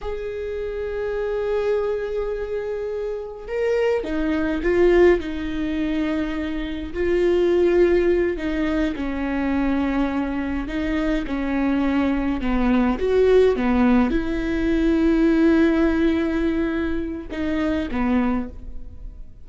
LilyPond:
\new Staff \with { instrumentName = "viola" } { \time 4/4 \tempo 4 = 104 gis'1~ | gis'2 ais'4 dis'4 | f'4 dis'2. | f'2~ f'8 dis'4 cis'8~ |
cis'2~ cis'8 dis'4 cis'8~ | cis'4. b4 fis'4 b8~ | b8 e'2.~ e'8~ | e'2 dis'4 b4 | }